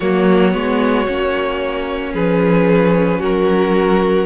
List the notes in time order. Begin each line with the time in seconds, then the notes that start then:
0.00 F#3 A#3 F#4 C#5
0.51 G#3 B3
1.06 A#3 C#4
2.13 F3 G#4 B4
3.19 F#3 F#4 A#4